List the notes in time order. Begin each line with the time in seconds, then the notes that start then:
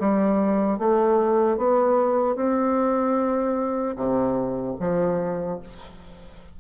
0.00 G3
0.79 A3
1.58 B3
2.36 C4
3.97 C3
4.80 F3